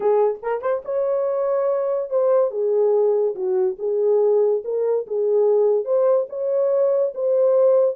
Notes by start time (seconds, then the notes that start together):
0.00 G#4
0.42 A#4
0.61 C5
0.84 C#5
2.10 C5
2.50 G#4
3.35 F#4
3.78 G#4
4.64 A#4
5.06 G#4
5.84 C5
6.29 C#5
7.14 C5